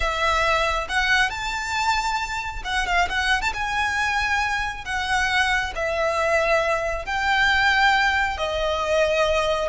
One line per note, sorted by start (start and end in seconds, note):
0.00 0.87 E5
0.88 1.30 F#5
1.30 2.62 A5
2.64 2.86 F#5
2.86 3.08 F5
3.09 3.41 F#5
3.41 3.52 A5
3.53 4.84 G#5
4.84 5.73 F#5
5.75 7.05 E5
7.05 8.37 G5
8.37 9.68 D#5